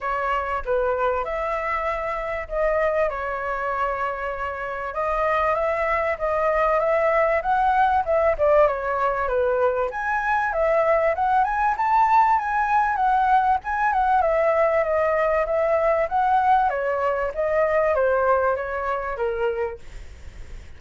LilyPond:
\new Staff \with { instrumentName = "flute" } { \time 4/4 \tempo 4 = 97 cis''4 b'4 e''2 | dis''4 cis''2. | dis''4 e''4 dis''4 e''4 | fis''4 e''8 d''8 cis''4 b'4 |
gis''4 e''4 fis''8 gis''8 a''4 | gis''4 fis''4 gis''8 fis''8 e''4 | dis''4 e''4 fis''4 cis''4 | dis''4 c''4 cis''4 ais'4 | }